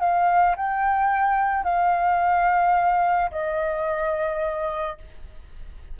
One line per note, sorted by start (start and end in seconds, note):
0.00 0.56 F5
0.57 1.64 G5
1.64 3.30 F5
3.31 4.98 D#5